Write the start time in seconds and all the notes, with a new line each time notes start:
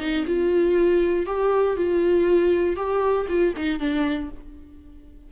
0.00 D#4
0.27 F4
1.27 G4
1.77 F4
2.77 G4
3.29 F4
3.57 D#4
3.80 D4